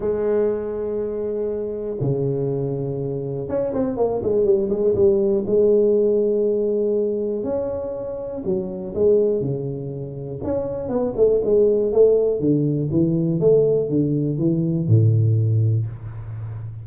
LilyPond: \new Staff \with { instrumentName = "tuba" } { \time 4/4 \tempo 4 = 121 gis1 | cis2. cis'8 c'8 | ais8 gis8 g8 gis8 g4 gis4~ | gis2. cis'4~ |
cis'4 fis4 gis4 cis4~ | cis4 cis'4 b8 a8 gis4 | a4 d4 e4 a4 | d4 e4 a,2 | }